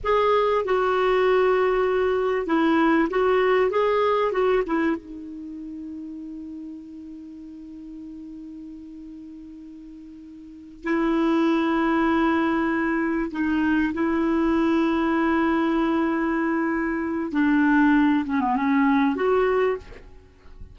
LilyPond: \new Staff \with { instrumentName = "clarinet" } { \time 4/4 \tempo 4 = 97 gis'4 fis'2. | e'4 fis'4 gis'4 fis'8 e'8 | dis'1~ | dis'1~ |
dis'4. e'2~ e'8~ | e'4. dis'4 e'4.~ | e'1 | d'4. cis'16 b16 cis'4 fis'4 | }